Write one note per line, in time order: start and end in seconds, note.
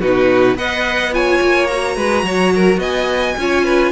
0.00 0.55 B2
0.00 0.56 D#4
0.00 0.56 F#4
0.00 0.57 B4
0.55 1.39 B3
0.55 1.11 B4
0.55 1.14 D#5
0.55 1.14 F#5
1.11 1.68 F4
1.11 1.96 C#5
1.11 1.67 G#5
1.41 1.96 A#3
1.67 3.38 F#4
1.67 2.79 A#5
1.96 2.23 G#3
1.96 2.24 B4
2.23 2.78 F#3
2.23 2.54 C#5
2.55 2.79 A#4
2.78 3.34 B3
2.78 3.35 D#5
2.78 3.91 G#5
3.37 3.91 C#4
3.37 3.91 F4
3.37 3.64 C#5
3.64 3.91 B4